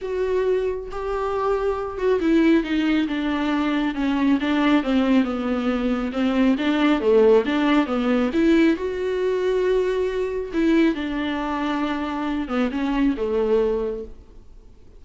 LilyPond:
\new Staff \with { instrumentName = "viola" } { \time 4/4 \tempo 4 = 137 fis'2 g'2~ | g'8 fis'8 e'4 dis'4 d'4~ | d'4 cis'4 d'4 c'4 | b2 c'4 d'4 |
a4 d'4 b4 e'4 | fis'1 | e'4 d'2.~ | d'8 b8 cis'4 a2 | }